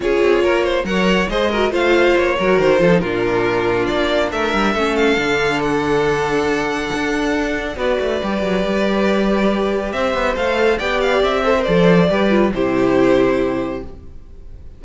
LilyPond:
<<
  \new Staff \with { instrumentName = "violin" } { \time 4/4 \tempo 4 = 139 cis''2 fis''4 dis''4 | f''4 cis''4 c''4 ais'4~ | ais'4 d''4 e''4. f''8~ | f''4 fis''2.~ |
fis''2 d''2~ | d''2. e''4 | f''4 g''8 f''8 e''4 d''4~ | d''4 c''2. | }
  \new Staff \with { instrumentName = "violin" } { \time 4/4 gis'4 ais'8 c''8 cis''4 c''8 ais'8 | c''4. ais'4 a'8 f'4~ | f'2 ais'4 a'4~ | a'1~ |
a'2 b'2~ | b'2. c''4~ | c''4 d''4. c''4. | b'4 g'2. | }
  \new Staff \with { instrumentName = "viola" } { \time 4/4 f'2 ais'4 gis'8 fis'8 | f'4. fis'4 f'16 dis'16 d'4~ | d'2. cis'4 | d'1~ |
d'2 fis'4 g'4~ | g'1 | a'4 g'4. a'16 ais'16 a'4 | g'8 f'8 e'2. | }
  \new Staff \with { instrumentName = "cello" } { \time 4/4 cis'8 c'8 ais4 fis4 gis4 | a4 ais8 fis8 dis8 f8 ais,4~ | ais,4 ais4 a8 g8 a4 | d1 |
d'2 b8 a8 g8 fis8 | g2. c'8 b8 | a4 b4 c'4 f4 | g4 c2. | }
>>